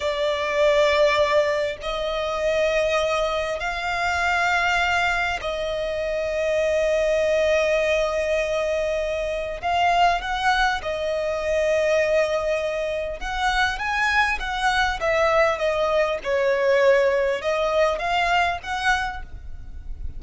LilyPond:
\new Staff \with { instrumentName = "violin" } { \time 4/4 \tempo 4 = 100 d''2. dis''4~ | dis''2 f''2~ | f''4 dis''2.~ | dis''1 |
f''4 fis''4 dis''2~ | dis''2 fis''4 gis''4 | fis''4 e''4 dis''4 cis''4~ | cis''4 dis''4 f''4 fis''4 | }